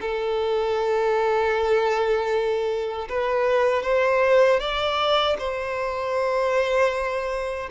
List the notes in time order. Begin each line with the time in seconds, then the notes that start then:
0.00 A4
3.09 B4
3.83 C5
4.59 D5
5.38 C5